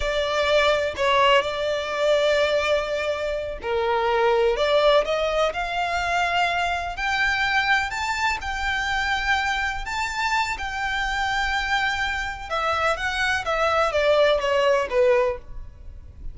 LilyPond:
\new Staff \with { instrumentName = "violin" } { \time 4/4 \tempo 4 = 125 d''2 cis''4 d''4~ | d''2.~ d''8 ais'8~ | ais'4. d''4 dis''4 f''8~ | f''2~ f''8 g''4.~ |
g''8 a''4 g''2~ g''8~ | g''8 a''4. g''2~ | g''2 e''4 fis''4 | e''4 d''4 cis''4 b'4 | }